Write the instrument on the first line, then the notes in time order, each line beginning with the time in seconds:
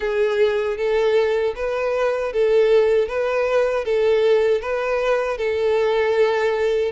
violin
0.00 G#4
0.77 A4
1.55 B4
2.32 A4
3.08 B4
3.84 A4
4.61 B4
5.37 A4